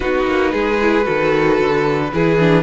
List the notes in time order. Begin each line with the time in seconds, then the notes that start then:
0.00 B3 D#4 F#4 B4
0.26 A#3
0.52 G#3 G#4
0.81 E4
1.03 D#3 F#4 A4
1.60 D3
2.12 E3 E4 G#4
2.39 D4